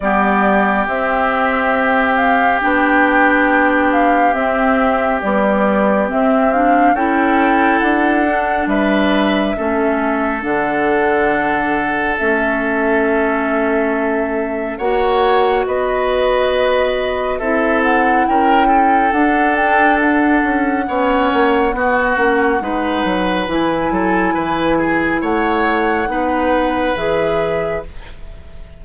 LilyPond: <<
  \new Staff \with { instrumentName = "flute" } { \time 4/4 \tempo 4 = 69 d''4 e''4. f''8 g''4~ | g''8 f''8 e''4 d''4 e''8 f''8 | g''4 fis''4 e''2 | fis''2 e''2~ |
e''4 fis''4 dis''2 | e''8 fis''8 g''4 fis''8 g''8 fis''4~ | fis''2. gis''4~ | gis''4 fis''2 e''4 | }
  \new Staff \with { instrumentName = "oboe" } { \time 4/4 g'1~ | g'1 | a'2 b'4 a'4~ | a'1~ |
a'4 cis''4 b'2 | a'4 ais'8 a'2~ a'8 | cis''4 fis'4 b'4. a'8 | b'8 gis'8 cis''4 b'2 | }
  \new Staff \with { instrumentName = "clarinet" } { \time 4/4 b4 c'2 d'4~ | d'4 c'4 g4 c'8 d'8 | e'4. d'4. cis'4 | d'2 cis'2~ |
cis'4 fis'2. | e'2 d'2 | cis'4 b8 cis'8 dis'4 e'4~ | e'2 dis'4 gis'4 | }
  \new Staff \with { instrumentName = "bassoon" } { \time 4/4 g4 c'2 b4~ | b4 c'4 b4 c'4 | cis'4 d'4 g4 a4 | d2 a2~ |
a4 ais4 b2 | c'4 cis'4 d'4. cis'8 | b8 ais8 b8 ais8 gis8 fis8 e8 fis8 | e4 a4 b4 e4 | }
>>